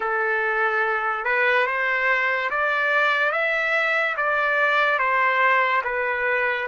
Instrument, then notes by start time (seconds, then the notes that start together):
trumpet
0.00 A4
1.25 B4
1.66 C5
2.50 D5
3.32 E5
4.16 D5
4.98 C5
5.84 B4